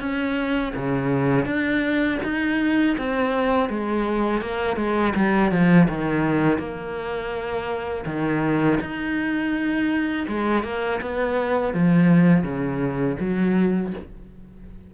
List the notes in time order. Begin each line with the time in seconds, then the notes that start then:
0.00 C#4
0.75 C#3
1.45 D4
2.24 D#4
2.98 C4
3.70 G#3
4.42 A#3
4.77 G#3
5.16 G3
5.51 F3
5.89 D#3
6.59 A#3
8.06 D#3
8.81 D#4
10.28 G#3
10.64 A#3
11.01 B3
11.74 F3
12.44 C#3
13.20 F#3